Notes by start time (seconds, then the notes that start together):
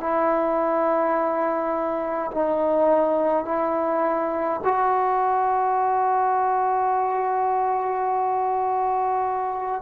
0.00 E4
2.31 D#4
3.45 E4
4.64 F#4